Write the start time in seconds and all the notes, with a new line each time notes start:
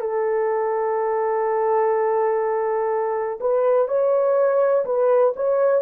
0.00 A4
3.40 B4
3.88 C#5
4.85 B4
5.35 C#5